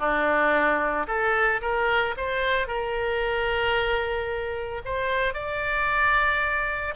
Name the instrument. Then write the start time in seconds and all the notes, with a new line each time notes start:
oboe
0.00 D4
1.08 A4
1.62 A#4
2.17 C5
2.68 A#4
4.85 C5
5.34 D5